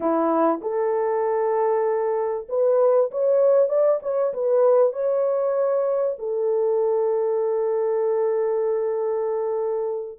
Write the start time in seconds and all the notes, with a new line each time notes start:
0.00 E4
0.61 A4
2.49 B4
3.11 C#5
3.69 D5
4.02 C#5
4.33 B4
4.93 C#5
6.18 A4